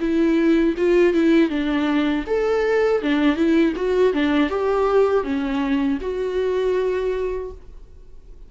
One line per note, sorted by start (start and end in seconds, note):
0.00 0.75 E4
0.77 1.14 F4
1.14 1.50 E4
1.50 2.25 D4
2.27 3.02 A4
3.02 3.36 D4
3.36 3.73 E4
3.76 4.13 F#4
4.13 4.50 D4
4.50 5.24 G4
5.24 5.99 C#4
6.01 7.51 F#4